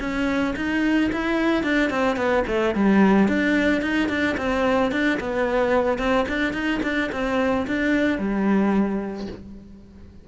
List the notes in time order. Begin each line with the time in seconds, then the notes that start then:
0.00 C#4
0.56 D#4
1.13 E4
1.63 D4
1.90 C4
2.16 B3
2.48 A3
2.75 G3
3.28 D4
3.82 D#4
4.09 D4
4.37 C4
4.92 D4
5.20 B3
5.99 C4
6.29 D4
6.53 D#4
6.83 D4
7.12 C4
7.67 D4
8.18 G3